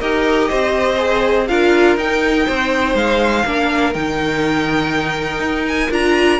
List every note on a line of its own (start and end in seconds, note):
0.00 0.50 D#4
0.00 0.98 G4
0.00 0.49 A#4
0.00 1.47 D#5
0.49 1.49 C4
0.49 1.48 C5
0.98 1.47 G#4
1.47 1.97 D4
1.47 1.98 F4
1.47 2.47 A#4
1.47 1.97 F5
1.97 2.46 D#4
1.97 3.45 D#4
1.97 2.96 G5
2.47 2.94 C4
2.47 3.45 C5
2.94 3.43 G#3
2.94 3.94 F5
3.46 3.95 A#3
3.46 3.94 D4
3.46 6.40 A#4
3.94 5.40 D#3
3.94 5.91 D#4
3.94 5.66 G5
5.40 5.89 D#4
5.67 5.92 G#5
5.91 6.40 D4
5.91 6.40 F4
5.91 6.40 A#5